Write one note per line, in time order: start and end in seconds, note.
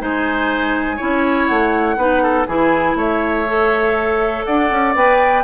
0.00 1.00 G#3
0.00 0.99 D#4
0.00 0.97 C5
0.00 1.46 G#5
0.97 1.50 C#4
0.97 1.98 E4
0.97 1.96 C#5
1.46 1.97 A3
1.46 2.46 F#5
1.97 2.47 B3
1.97 2.48 D#4
1.97 2.23 B4
2.23 2.48 A4
2.47 2.95 E3
2.47 3.47 E4
2.47 2.98 G#4
2.47 2.96 G#5
2.95 4.44 A3
2.95 4.47 C#5
2.95 4.45 E5
3.48 4.96 A4
4.45 4.71 D4
4.45 5.44 D5
4.45 4.94 F#5
4.71 4.96 C#4
4.96 5.44 B3
4.96 5.44 B4
4.96 5.44 G5